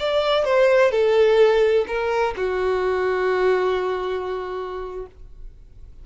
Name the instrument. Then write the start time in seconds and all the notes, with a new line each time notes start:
violin
0.00 D5
0.45 C5
0.92 A4
1.88 A#4
2.37 F#4